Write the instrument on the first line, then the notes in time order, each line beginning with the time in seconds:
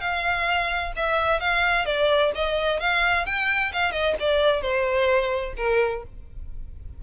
violin
0.00 F5
0.96 E5
1.40 F5
1.85 D5
2.35 D#5
2.79 F5
3.26 G5
3.73 F5
3.92 D#5
4.20 D5
4.61 C5
5.57 A#4